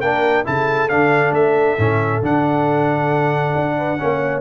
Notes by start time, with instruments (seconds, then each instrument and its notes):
0.00 tuba A#3, trombone D4, horn A#4, trumpet G5
0.44 tuba C#3, trombone E4, horn A4, trumpet A5
0.88 tuba D3, trombone D4, trumpet F5
1.31 tuba A3, trumpet E5
1.77 tuba A2, trombone C#4
2.22 tuba D3, trombone D4, trumpet F#5
3.55 tuba D4
3.77 horn B4
3.97 tuba A#3, trombone C#4, horn C#5